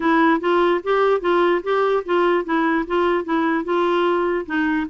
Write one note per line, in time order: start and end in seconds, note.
0.00 0.40 E4
0.40 0.80 F4
0.83 1.21 G4
1.21 1.61 F4
1.63 2.03 G4
2.05 2.44 F4
2.44 2.85 E4
2.86 3.24 F4
3.24 3.64 E4
3.64 4.45 F4
4.46 4.86 D#4